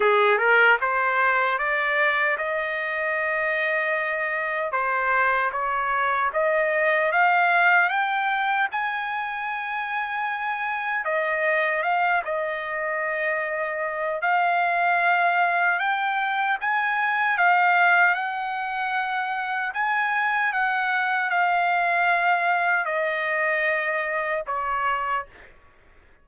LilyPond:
\new Staff \with { instrumentName = "trumpet" } { \time 4/4 \tempo 4 = 76 gis'8 ais'8 c''4 d''4 dis''4~ | dis''2 c''4 cis''4 | dis''4 f''4 g''4 gis''4~ | gis''2 dis''4 f''8 dis''8~ |
dis''2 f''2 | g''4 gis''4 f''4 fis''4~ | fis''4 gis''4 fis''4 f''4~ | f''4 dis''2 cis''4 | }